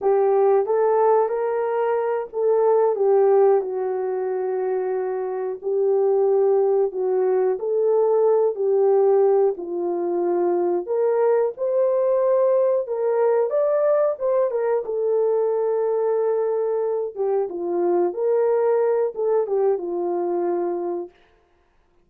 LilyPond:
\new Staff \with { instrumentName = "horn" } { \time 4/4 \tempo 4 = 91 g'4 a'4 ais'4. a'8~ | a'8 g'4 fis'2~ fis'8~ | fis'8 g'2 fis'4 a'8~ | a'4 g'4. f'4.~ |
f'8 ais'4 c''2 ais'8~ | ais'8 d''4 c''8 ais'8 a'4.~ | a'2 g'8 f'4 ais'8~ | ais'4 a'8 g'8 f'2 | }